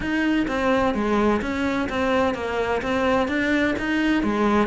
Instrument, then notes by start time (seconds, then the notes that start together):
cello
0.00 D#4
0.47 C4
0.94 G#3
1.41 C#4
1.89 C4
2.34 A#3
2.82 C4
3.28 D4
3.78 D#4
4.23 G#3